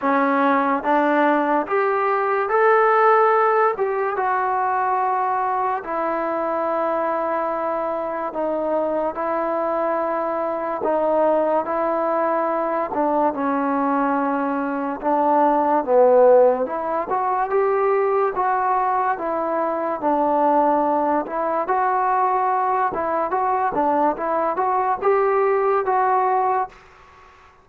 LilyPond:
\new Staff \with { instrumentName = "trombone" } { \time 4/4 \tempo 4 = 72 cis'4 d'4 g'4 a'4~ | a'8 g'8 fis'2 e'4~ | e'2 dis'4 e'4~ | e'4 dis'4 e'4. d'8 |
cis'2 d'4 b4 | e'8 fis'8 g'4 fis'4 e'4 | d'4. e'8 fis'4. e'8 | fis'8 d'8 e'8 fis'8 g'4 fis'4 | }